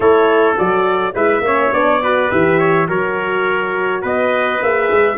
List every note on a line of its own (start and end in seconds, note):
0.00 0.57 A3
0.00 0.56 E4
0.00 1.13 A4
0.00 0.56 C#5
0.56 1.14 F#3
0.56 1.14 F#4
0.56 1.15 D5
1.14 1.41 G#3
1.14 1.45 E4
1.14 1.43 B4
1.14 1.73 E5
1.41 1.69 A#3
1.41 1.73 C#4
1.41 2.02 C#5
1.73 2.30 B3
1.73 2.02 D4
1.73 2.30 D5
2.02 2.30 F#4
2.02 2.58 B4
2.30 2.88 E3
2.30 2.88 G4
2.30 2.88 E5
2.58 2.87 C#5
2.88 4.03 F#3
2.88 4.61 F#4
2.88 4.01 A#4
2.88 4.04 C#5
4.01 4.61 B3
4.01 5.17 B4
4.01 4.62 D#5
4.61 4.90 A#3
4.61 5.18 G#4
4.61 5.18 E5
4.91 5.18 G#3